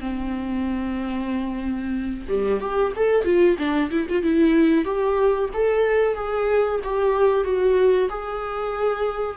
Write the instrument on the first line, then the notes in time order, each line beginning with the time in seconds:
viola
0.00 C4
2.28 G3
2.60 G4
2.96 A4
3.24 F4
3.58 D4
3.90 E4
4.09 F4
4.23 E4
4.84 G4
5.53 A4
6.15 G#4
6.83 G4
7.44 F#4
8.09 G#4